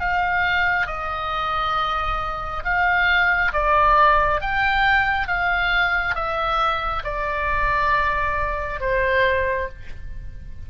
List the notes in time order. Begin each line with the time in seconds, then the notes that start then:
0.00 F5
0.87 D#5
2.64 F5
3.53 D5
4.41 G5
5.27 F5
6.15 E5
7.04 D5
8.80 C5